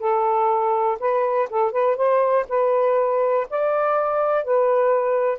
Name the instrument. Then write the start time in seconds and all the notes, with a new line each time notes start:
saxophone
0.00 A4
1.00 B4
1.50 A4
1.72 B4
1.97 C5
2.49 B4
3.51 D5
4.45 B4